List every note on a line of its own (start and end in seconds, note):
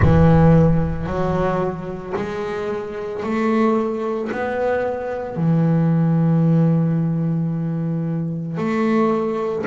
0.02 1.06 E3
1.06 2.13 F#3
2.16 3.23 G#3
3.23 4.30 A3
4.31 5.36 B3
5.36 8.57 E3
8.57 9.64 A3